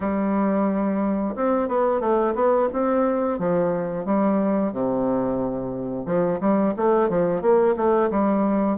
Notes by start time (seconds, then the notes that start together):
0.00 G3
1.35 C4
1.68 B3
2.00 A3
2.34 B3
2.72 C4
3.38 F3
4.05 G3
4.72 C3
6.05 F3
6.40 G3
6.76 A3
7.09 F3
7.41 A#3
7.76 A3
8.10 G3